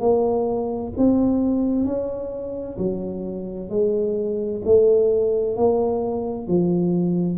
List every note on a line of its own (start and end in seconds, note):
0.00 0.92 A#3
0.97 1.85 C4
1.85 2.77 C#4
2.78 3.70 F#3
3.70 4.62 G#3
4.65 5.57 A3
5.57 6.48 A#3
6.48 7.38 F3